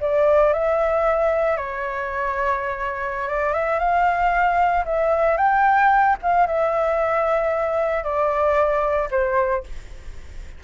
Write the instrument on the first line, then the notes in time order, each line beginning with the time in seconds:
flute
0.00 D5
0.53 E5
1.56 C#5
3.28 D5
3.53 E5
3.79 F5
4.85 E5
5.37 G5
6.22 F5
6.47 E5
8.03 D5
9.11 C5